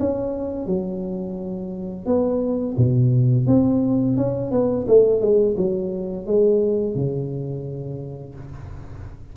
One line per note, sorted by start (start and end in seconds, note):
0.00 0.67 C#4
0.67 2.06 F#3
2.06 2.76 B3
2.78 3.47 B2
3.47 4.17 C4
4.17 4.52 C#4
4.52 4.86 B3
4.88 5.21 A3
5.21 5.56 G#3
5.57 6.27 F#3
6.27 6.96 G#3
6.96 8.35 C#3